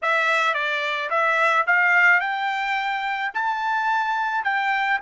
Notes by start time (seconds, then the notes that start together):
0.02 E5
0.54 D5
1.10 E5
1.66 F5
2.20 G5
3.33 A5
4.44 G5